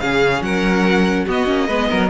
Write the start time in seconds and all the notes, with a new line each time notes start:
0.00 C#3 C#4 G#4 F5
0.41 F#3 A#4 F#5
1.26 B3 F#4 D#5
1.46 A#3 C#4
1.67 G#3 B3 B4
1.90 F#3 A#4